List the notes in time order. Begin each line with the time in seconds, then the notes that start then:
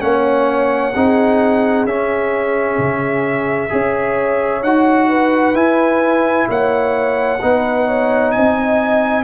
0.00 A#3 C#4 C#5 F#5
0.94 C4 D#4 G#4
1.85 C#4 E5
2.78 C#3
3.70 C#4 G#4 C#5
4.63 D#4 F#4 F#5
5.09 B4
5.54 E4 G#5
6.49 A#3 C#5 F#5
7.42 B3 D#4 B4
7.87 C#5
8.32 C4 D#5 G#5